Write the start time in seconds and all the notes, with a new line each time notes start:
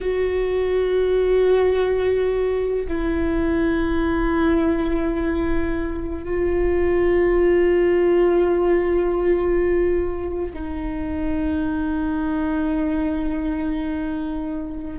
0.01 F#4
2.87 E4
6.23 F4
10.53 D#4